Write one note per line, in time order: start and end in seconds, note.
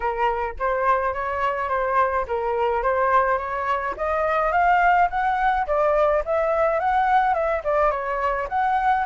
0.00 0.54 A#4
0.59 1.13 C5
1.13 1.69 C#5
1.69 2.25 C5
2.27 2.83 A#4
2.83 3.38 C5
3.38 3.94 C#5
3.96 4.52 D#5
4.52 5.08 F5
5.09 5.66 F#5
5.66 6.23 D5
6.25 6.79 E5
6.79 7.34 F#5
7.34 7.62 E5
7.63 7.91 D5
7.91 8.47 C#5
8.49 9.05 F#5